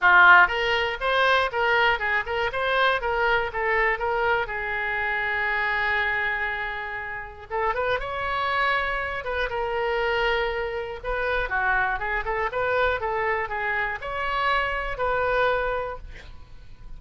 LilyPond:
\new Staff \with { instrumentName = "oboe" } { \time 4/4 \tempo 4 = 120 f'4 ais'4 c''4 ais'4 | gis'8 ais'8 c''4 ais'4 a'4 | ais'4 gis'2.~ | gis'2. a'8 b'8 |
cis''2~ cis''8 b'8 ais'4~ | ais'2 b'4 fis'4 | gis'8 a'8 b'4 a'4 gis'4 | cis''2 b'2 | }